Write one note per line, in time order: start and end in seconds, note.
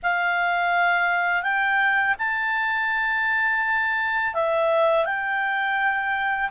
0.03 1.42 F5
1.42 2.15 G5
2.18 4.33 A5
4.33 5.05 E5
5.05 6.50 G5